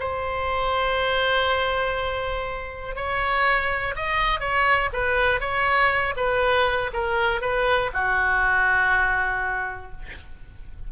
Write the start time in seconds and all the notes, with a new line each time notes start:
0.00 C5
2.96 C#5
3.96 D#5
4.40 C#5
4.93 B4
5.40 C#5
6.17 B4
6.94 A#4
7.41 B4
7.94 F#4